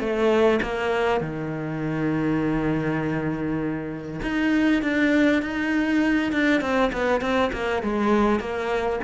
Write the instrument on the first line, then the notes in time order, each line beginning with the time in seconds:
cello
0.00 A3
0.62 A#3
1.21 D#3
4.22 D#4
4.82 D4
5.43 D#4
6.32 D4
6.61 C4
6.93 B3
7.21 C4
7.53 A#3
7.83 G#3
8.40 A#3